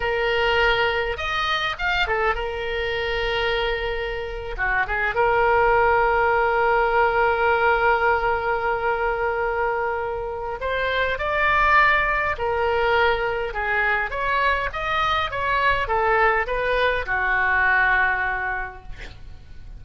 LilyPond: \new Staff \with { instrumentName = "oboe" } { \time 4/4 \tempo 4 = 102 ais'2 dis''4 f''8 a'8 | ais'2.~ ais'8. fis'16~ | fis'16 gis'8 ais'2.~ ais'16~ | ais'1~ |
ais'2 c''4 d''4~ | d''4 ais'2 gis'4 | cis''4 dis''4 cis''4 a'4 | b'4 fis'2. | }